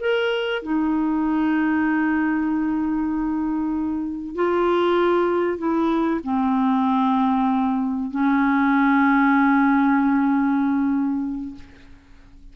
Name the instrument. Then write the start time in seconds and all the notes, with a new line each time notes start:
clarinet
0.00 A#4
0.62 D#4
4.36 F4
5.58 E4
6.24 C4
8.11 C#4